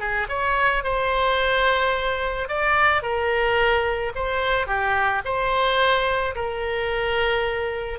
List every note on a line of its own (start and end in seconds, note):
0.00 0.28 G#4
0.29 0.84 C#5
0.84 2.49 C5
2.49 3.03 D5
3.03 4.13 A#4
4.16 4.67 C5
4.67 5.22 G4
5.25 6.35 C5
6.36 8.00 A#4